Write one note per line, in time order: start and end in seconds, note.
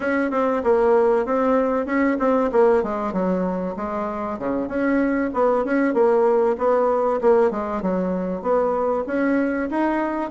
0.00 0.30 C#4
0.31 0.62 C4
0.63 1.25 A#3
1.25 1.86 C4
1.86 2.17 C#4
2.19 2.50 C4
2.51 2.83 A#3
2.83 3.12 G#3
3.12 3.75 F#3
3.76 4.38 G#3
4.38 4.68 C#3
4.68 5.30 C#4
5.33 5.64 B3
5.64 5.94 C#4
5.94 6.56 A#3
6.57 7.20 B3
7.21 7.50 A#3
7.50 7.82 G#3
7.82 8.42 F#3
8.42 9.04 B3
9.07 9.69 C#4
9.69 10.30 D#4